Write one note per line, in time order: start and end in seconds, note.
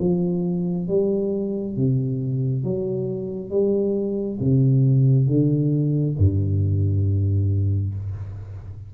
0.00 0.88 F3
0.88 1.76 G3
1.76 2.64 C3
2.64 3.51 F#3
3.51 4.39 G3
4.40 5.27 C3
5.27 6.16 D3
6.18 7.95 G2